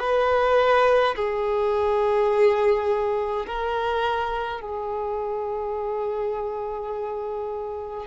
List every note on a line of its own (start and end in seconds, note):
0.00 1.15 B4
1.15 3.46 G#4
3.47 4.61 A#4
4.61 8.07 G#4